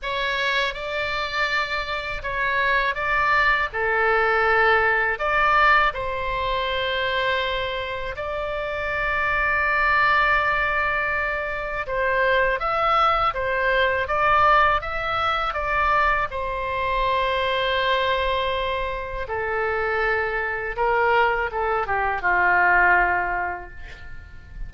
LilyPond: \new Staff \with { instrumentName = "oboe" } { \time 4/4 \tempo 4 = 81 cis''4 d''2 cis''4 | d''4 a'2 d''4 | c''2. d''4~ | d''1 |
c''4 e''4 c''4 d''4 | e''4 d''4 c''2~ | c''2 a'2 | ais'4 a'8 g'8 f'2 | }